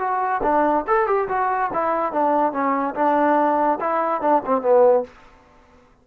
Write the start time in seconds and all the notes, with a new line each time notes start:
0.00 F#4
0.43 D4
0.88 A4
1.08 G4
1.29 F#4
1.74 E4
2.13 D4
2.53 C#4
2.95 D4
3.81 E4
4.22 D4
4.46 C4
4.62 B3